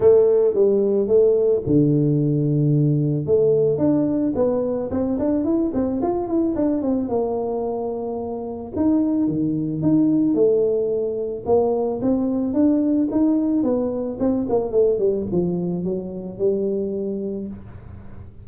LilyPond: \new Staff \with { instrumentName = "tuba" } { \time 4/4 \tempo 4 = 110 a4 g4 a4 d4~ | d2 a4 d'4 | b4 c'8 d'8 e'8 c'8 f'8 e'8 | d'8 c'8 ais2. |
dis'4 dis4 dis'4 a4~ | a4 ais4 c'4 d'4 | dis'4 b4 c'8 ais8 a8 g8 | f4 fis4 g2 | }